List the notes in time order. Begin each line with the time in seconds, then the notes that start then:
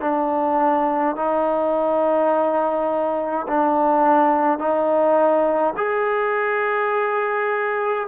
0.00 D4
1.15 D#4
3.47 D4
4.58 D#4
5.76 G#4